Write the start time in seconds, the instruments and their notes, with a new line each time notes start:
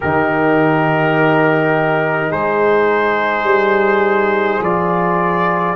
0.00 tuba D#3, trombone D#4, horn G4, trumpet A#4
2.30 tuba G#3, horn G#4, trumpet C5
3.43 tuba G3
4.60 tuba F3, trombone F4, trumpet D5